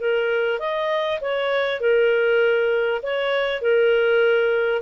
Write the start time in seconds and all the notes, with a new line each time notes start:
0.00 A#4
0.59 D#5
1.20 C#5
1.80 A#4
3.02 C#5
3.61 A#4